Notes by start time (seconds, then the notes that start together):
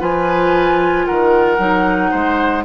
0.00 F3 F4 B4 G#5
1.06 D#3 A#4 F#5
1.59 F#3 D#4
2.11 G#3 C5